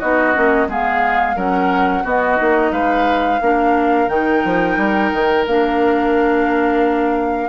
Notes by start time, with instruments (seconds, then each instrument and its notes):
0.00 bassoon B3, clarinet D#4, oboe F#4, flute D#5
0.34 bassoon A#3, clarinet C#4
0.68 bassoon G#3, clarinet B3, oboe G#4, flute F5
1.36 bassoon F#3, clarinet C#4, oboe A#4, flute F#5
2.04 clarinet B3, bassoon B3, oboe F#4, flute D#5
2.36 bassoon A#3, clarinet D#4
2.72 bassoon G#3, oboe B4, flute F5
3.41 bassoon A#3, clarinet D4, oboe A#4
4.09 bassoon D#3, clarinet D#4, flute G5
4.45 bassoon F3
4.77 bassoon G3
5.13 bassoon D#3
5.47 bassoon A#3, clarinet D4, flute F5